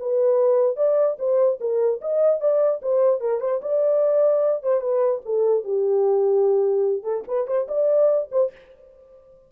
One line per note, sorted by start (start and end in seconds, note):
0.00 0.77 B4
0.77 1.17 D5
1.19 1.60 C5
1.61 2.01 A#4
2.02 2.41 D#5
2.41 2.81 D5
2.82 3.21 C5
3.21 3.41 A#4
3.41 3.61 C5
3.62 4.63 D5
4.63 4.81 C5
4.81 5.22 B4
5.26 5.65 A4
5.65 7.04 G4
7.04 7.24 A4
7.28 7.48 B4
7.48 7.68 C5
7.69 8.29 D5
8.32 8.52 C5